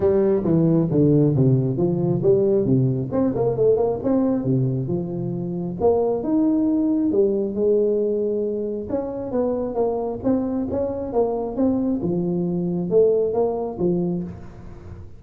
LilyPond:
\new Staff \with { instrumentName = "tuba" } { \time 4/4 \tempo 4 = 135 g4 e4 d4 c4 | f4 g4 c4 c'8 ais8 | a8 ais8 c'4 c4 f4~ | f4 ais4 dis'2 |
g4 gis2. | cis'4 b4 ais4 c'4 | cis'4 ais4 c'4 f4~ | f4 a4 ais4 f4 | }